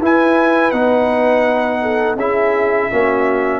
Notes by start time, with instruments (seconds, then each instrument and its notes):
0.00 tuba E4, trombone E4, horn B4, trumpet G#5
0.71 tuba B3, trombone D#4, trumpet F#5
1.82 horn A4
2.16 tuba C#4, trombone E4, horn G#4, trumpet E5
2.91 tuba A#3, trombone C#4, horn F#4